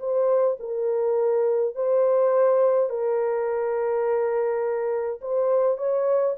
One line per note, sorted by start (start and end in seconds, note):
0.00 0.58 C5
0.60 1.75 A#4
1.76 2.90 C5
2.90 5.21 A#4
5.22 5.78 C5
5.78 6.36 C#5